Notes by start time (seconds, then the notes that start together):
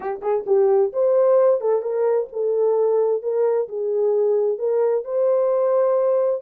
0.00 G4
0.21 G#4
0.46 G4
0.92 C5
1.60 A4
1.82 A#4
2.32 A4
3.22 A#4
3.68 G#4
4.58 A#4
5.04 C5